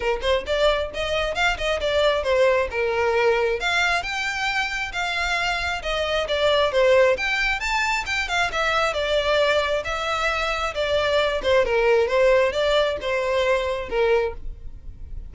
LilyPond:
\new Staff \with { instrumentName = "violin" } { \time 4/4 \tempo 4 = 134 ais'8 c''8 d''4 dis''4 f''8 dis''8 | d''4 c''4 ais'2 | f''4 g''2 f''4~ | f''4 dis''4 d''4 c''4 |
g''4 a''4 g''8 f''8 e''4 | d''2 e''2 | d''4. c''8 ais'4 c''4 | d''4 c''2 ais'4 | }